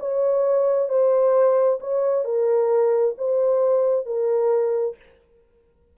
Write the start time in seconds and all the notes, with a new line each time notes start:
0.00 C#5
0.89 C5
1.80 C#5
2.25 A#4
3.18 C5
4.06 A#4